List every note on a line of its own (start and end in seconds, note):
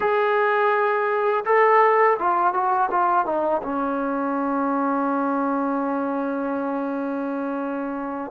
0.00 1.44 G#4
1.45 2.17 A4
2.19 2.53 F4
2.53 2.89 F#4
2.90 3.25 F4
3.25 3.61 D#4
3.62 8.31 C#4